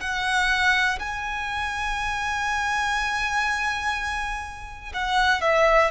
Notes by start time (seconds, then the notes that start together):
0.00 F#5
0.99 G#5
4.93 F#5
5.41 E5